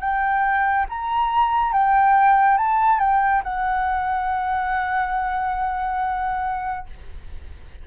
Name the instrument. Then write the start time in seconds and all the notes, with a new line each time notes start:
flute
0.00 G5
0.89 A#5
1.73 G5
2.58 A5
2.99 G5
3.43 F#5